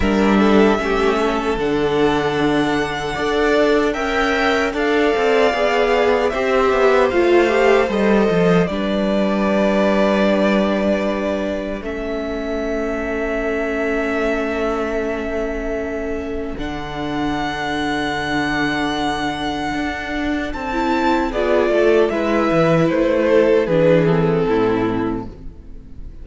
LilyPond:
<<
  \new Staff \with { instrumentName = "violin" } { \time 4/4 \tempo 4 = 76 e''2 fis''2~ | fis''4 g''4 f''2 | e''4 f''4 dis''4 d''4~ | d''2. e''4~ |
e''1~ | e''4 fis''2.~ | fis''2 a''4 d''4 | e''4 c''4 b'8 a'4. | }
  \new Staff \with { instrumentName = "violin" } { \time 4/4 ais'8 a'8 g'8 a'2~ a'8 | d''4 e''4 d''2 | c''2. b'4~ | b'2. a'4~ |
a'1~ | a'1~ | a'2. gis'8 a'8 | b'4. a'8 gis'4 e'4 | }
  \new Staff \with { instrumentName = "viola" } { \time 4/4 d'4 cis'4 d'2 | a'4 ais'4 a'4 gis'4 | g'4 f'8 g'8 a'4 d'4~ | d'2. cis'4~ |
cis'1~ | cis'4 d'2.~ | d'2~ d'16 e'8. f'4 | e'2 d'8 c'4. | }
  \new Staff \with { instrumentName = "cello" } { \time 4/4 g4 a4 d2 | d'4 cis'4 d'8 c'8 b4 | c'8 b8 a4 g8 f8 g4~ | g2. a4~ |
a1~ | a4 d2.~ | d4 d'4 c'4 b8 a8 | gis8 e8 a4 e4 a,4 | }
>>